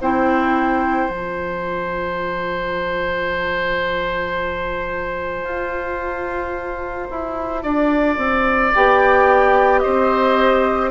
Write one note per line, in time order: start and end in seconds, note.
0.00 1.09 C4
0.00 1.09 E4
0.00 7.63 C5
0.00 1.10 G5
1.09 5.44 F3
1.09 8.73 F4
1.09 8.74 A5
5.44 7.07 F4
7.11 7.64 E4
7.63 8.18 D4
7.63 9.81 D5
8.18 8.72 C4
8.74 9.84 B3
8.74 10.91 G4
8.74 9.79 G5
9.79 10.91 C4
9.79 10.91 C5
9.79 10.88 D#5